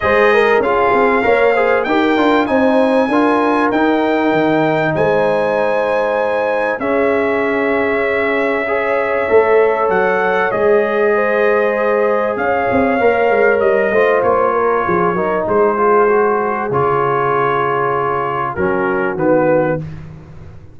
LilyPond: <<
  \new Staff \with { instrumentName = "trumpet" } { \time 4/4 \tempo 4 = 97 dis''4 f''2 g''4 | gis''2 g''2 | gis''2. e''4~ | e''1 |
fis''4 dis''2. | f''2 dis''4 cis''4~ | cis''4 c''2 cis''4~ | cis''2 ais'4 b'4 | }
  \new Staff \with { instrumentName = "horn" } { \time 4/4 c''8 ais'8 gis'4 cis''8 c''8 ais'4 | c''4 ais'2. | c''2. gis'4~ | gis'2 cis''2~ |
cis''2 c''2 | cis''2~ cis''8 c''4 ais'8 | gis'8 ais'8 gis'2.~ | gis'2 fis'2 | }
  \new Staff \with { instrumentName = "trombone" } { \time 4/4 gis'4 f'4 ais'8 gis'8 g'8 f'8 | dis'4 f'4 dis'2~ | dis'2. cis'4~ | cis'2 gis'4 a'4~ |
a'4 gis'2.~ | gis'4 ais'4. f'4.~ | f'8 dis'4 f'8 fis'4 f'4~ | f'2 cis'4 b4 | }
  \new Staff \with { instrumentName = "tuba" } { \time 4/4 gis4 cis'8 c'8 ais4 dis'8 d'8 | c'4 d'4 dis'4 dis4 | gis2. cis'4~ | cis'2. a4 |
fis4 gis2. | cis'8 c'8 ais8 gis8 g8 a8 ais4 | f8 fis8 gis2 cis4~ | cis2 fis4 dis4 | }
>>